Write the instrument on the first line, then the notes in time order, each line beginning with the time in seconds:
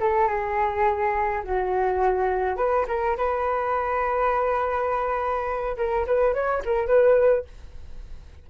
flute
0.00 A4
0.28 G#4
1.43 F#4
2.56 B4
2.87 A#4
3.17 B4
5.77 A#4
6.06 B4
6.34 C#5
6.65 A#4
6.87 B4